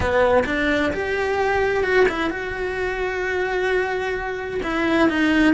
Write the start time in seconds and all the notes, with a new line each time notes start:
0.00 B3
0.46 D4
0.93 G4
1.83 F#4
2.08 E4
2.30 F#4
4.63 E4
5.09 D#4